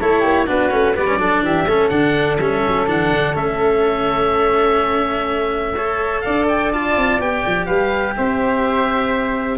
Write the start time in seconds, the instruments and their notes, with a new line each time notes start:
0.00 tuba A3, cello E4, flute A4, oboe C#5
0.20 tuba A#3, flute G4
0.46 tuba B3, cello D4, flute F#4, oboe B4
0.71 tuba A3, cello C#4
0.95 tuba G3, cello B3, flute B4, oboe D5
1.07 cello C#4
1.18 tuba F#3, cello D4, flute A4
1.43 tuba E3, flute G4, oboe E5
1.65 tuba A3, cello C#4, flute A4
1.89 tuba D3, cello D4, oboe F#5
2.38 tuba G3, cello C#4, oboe E5
2.68 tuba F#3
2.87 tuba E3, cello D4, oboe F#5
3.12 tuba D3
3.35 tuba A3, cello C#4, oboe E5
5.75 cello A4, flute C#5
6.21 tuba D4, flute D5, oboe F5
6.48 oboe G5
6.73 cello F4, oboe A5
6.97 tuba C4
7.20 tuba B3, cello G4, oboe G5
7.46 tuba F3
7.66 tuba G3, flute B4, oboe F5
8.16 tuba C4, flute C5, oboe E5